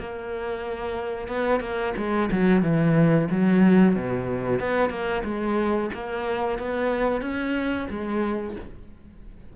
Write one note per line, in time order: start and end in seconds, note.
0.00 1.28 A#3
1.28 1.61 B3
1.61 1.94 A#3
1.97 2.30 G#3
2.32 2.63 F#3
2.63 3.28 E3
3.31 3.96 F#3
3.96 4.60 B2
4.60 4.90 B3
4.90 5.23 A#3
5.24 5.90 G#3
5.94 6.59 A#3
6.59 7.22 B3
7.22 7.88 C#4
7.90 8.56 G#3